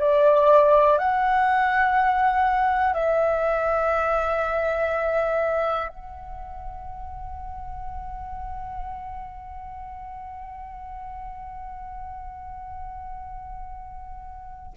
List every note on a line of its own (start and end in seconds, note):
0.00 0.98 D5
0.98 2.94 F#5
2.94 5.88 E5
5.88 14.74 F#5